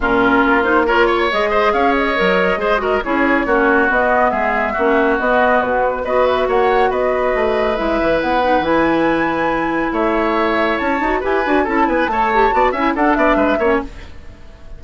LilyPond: <<
  \new Staff \with { instrumentName = "flute" } { \time 4/4 \tempo 4 = 139 ais'4. c''8 cis''4 dis''4 | f''8 dis''2~ dis''8 cis''4~ | cis''4 dis''4 e''2 | dis''4 b'4 dis''8 e''8 fis''4 |
dis''2 e''4 fis''4 | gis''2. e''4~ | e''4 a''4 gis''4 a''8 gis''8 | a''4. gis''8 fis''8 e''4. | }
  \new Staff \with { instrumentName = "oboe" } { \time 4/4 f'2 ais'8 cis''4 c''8 | cis''2 c''8 ais'8 gis'4 | fis'2 gis'4 fis'4~ | fis'2 b'4 cis''4 |
b'1~ | b'2. cis''4~ | cis''2 b'4 a'8 b'8 | cis''4 d''8 e''8 a'8 d''8 b'8 cis''8 | }
  \new Staff \with { instrumentName = "clarinet" } { \time 4/4 cis'4. dis'8 f'4 gis'4~ | gis'4 ais'4 gis'8 fis'8 e'4 | cis'4 b2 cis'4 | b2 fis'2~ |
fis'2 e'4. dis'8 | e'1~ | e'4. fis'8 g'8 fis'8 e'4 | a'8 g'8 fis'8 e'8 d'4. cis'8 | }
  \new Staff \with { instrumentName = "bassoon" } { \time 4/4 ais,4 ais2 gis4 | cis'4 fis4 gis4 cis'4 | ais4 b4 gis4 ais4 | b4 b,4 b4 ais4 |
b4 a4 gis8 e8 b4 | e2. a4~ | a4 cis'8 dis'8 e'8 d'8 cis'8 b8 | a4 b8 cis'8 d'8 b8 gis8 ais8 | }
>>